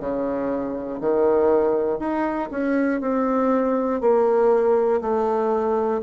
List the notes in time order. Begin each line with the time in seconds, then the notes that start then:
0.00 C#3
1.00 D#3
1.99 D#4
2.50 C#4
3.00 C4
4.00 A#3
5.00 A3